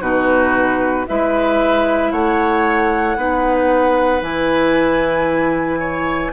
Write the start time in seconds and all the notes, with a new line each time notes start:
0.00 B2 D#4 F#4 B4
1.07 G#3 E4 B4 E5
2.12 A3 C#5 F#5
3.17 B3 D#4 B4
4.21 E3 E4 G#5
5.79 C#5